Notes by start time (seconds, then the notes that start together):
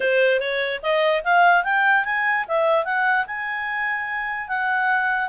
0.00 C5
0.40 C#5
0.82 D#5
1.24 F5
1.63 G5
2.04 G#5
2.47 E5
2.85 F#5
3.26 G#5
4.48 F#5